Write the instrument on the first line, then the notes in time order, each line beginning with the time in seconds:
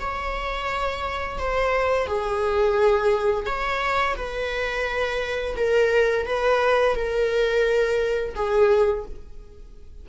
viola
0.00 C#5
1.38 C5
2.06 G#4
3.46 C#5
4.16 B4
5.56 A#4
6.26 B4
6.95 A#4
8.35 G#4